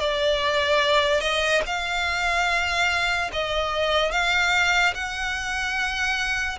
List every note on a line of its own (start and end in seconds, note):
0.00 1.21 D5
1.21 1.62 D#5
1.66 3.31 F5
3.33 4.12 D#5
4.12 4.94 F5
4.95 6.59 F#5